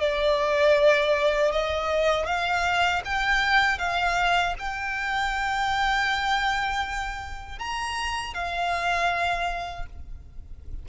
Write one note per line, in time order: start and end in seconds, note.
0.00 1.52 D5
1.52 2.26 D#5
2.26 3.02 F5
3.05 3.79 G5
3.79 4.55 F5
4.59 7.59 G5
7.59 8.34 A#5
8.34 9.86 F5